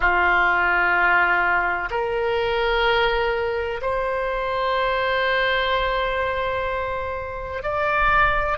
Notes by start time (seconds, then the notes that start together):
0.00 F4
1.90 A#4
3.81 C5
7.62 D5